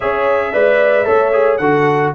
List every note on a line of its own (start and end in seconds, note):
0.00 0.54 C#4
0.00 0.53 G#4
0.00 0.51 C#5
0.00 1.57 E5
0.53 1.07 G#3
0.53 1.05 B4
0.53 1.06 D5
1.05 1.59 A3
1.05 1.31 A4
1.05 1.59 C#5
1.32 1.59 G#4
1.57 2.13 D3
1.57 2.15 F#4
1.57 2.12 A4
1.57 2.10 F#5